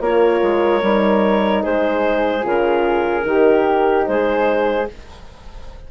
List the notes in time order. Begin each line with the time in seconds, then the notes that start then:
0.00 A#3 F4 A#4 C#5
0.42 G#3
0.82 G3 D#4
1.63 G#3 G#4 C5
2.42 C#3 F4 A#4
3.24 D#3 D#4 G4
4.06 G#3 G#4 C5